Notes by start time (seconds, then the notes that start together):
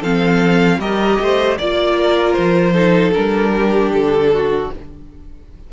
0.00 F3 C4 A4 F5
0.79 G3 G4 A#4 D#5
1.20 A3 C5
1.58 A#3 F4 D5
1.97 A#4
2.33 F3 C5
2.73 D#4 A4
3.13 G3 D4 A#4
3.56 G4
3.91 D3 A4
4.33 F#4